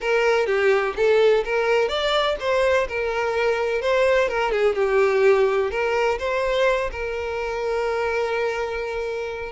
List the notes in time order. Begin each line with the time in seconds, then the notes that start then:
0.00 A#4
0.46 G4
0.96 A4
1.44 A#4
1.88 D5
2.39 C5
2.88 A#4
3.81 C5
4.28 A#4
4.51 G#4
4.75 G4
5.71 A#4
6.19 C5
6.91 A#4